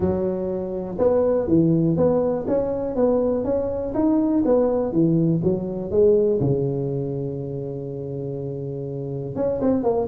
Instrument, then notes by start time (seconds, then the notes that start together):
tuba
0.00 F#3
0.98 B3
1.47 E3
1.96 B3
2.47 C#4
2.95 B3
3.44 C#4
3.94 D#4
4.45 B3
4.92 E3
5.43 F#3
5.91 G#3
6.40 C#3
9.35 C#4
9.61 C4
9.83 A#3